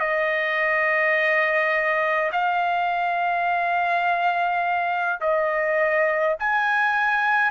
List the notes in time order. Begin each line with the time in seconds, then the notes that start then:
0.00 D#5
2.32 F5
5.21 D#5
6.39 G#5